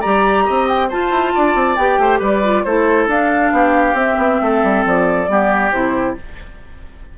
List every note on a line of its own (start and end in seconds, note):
0.00 0.48 G3
0.00 0.90 G4
0.00 0.44 D5
0.00 0.66 A#5
0.45 0.92 C4
0.45 0.88 D#5
0.67 0.89 G5
0.88 1.77 F4
0.88 1.10 F4
0.88 1.32 C5
0.88 1.76 A5
1.10 1.32 E4
1.34 1.55 D4
1.34 2.00 D5
1.55 1.76 C4
1.76 1.97 B3
1.76 2.43 G4
1.76 2.19 G5
1.97 2.19 A3
1.97 2.19 C5
2.19 2.64 G3
2.19 2.63 B4
2.19 2.63 D5
2.43 2.65 F4
2.63 3.07 A3
2.63 3.09 E4
2.63 3.52 A4
2.63 3.07 C5
3.07 3.51 D4
3.07 3.96 D4
3.07 3.97 F5
3.52 3.93 B3
3.52 4.41 G4
3.93 4.15 C4
3.93 5.27 C4
3.93 4.84 E5
4.17 4.39 B3
4.41 4.63 A3
4.41 5.30 A4
4.63 4.85 G3
4.85 5.28 F3
4.85 5.71 D5
5.27 5.72 G3
5.27 5.71 B3
5.27 6.18 G4
5.71 6.16 C3
5.71 6.16 E4
5.71 6.15 C5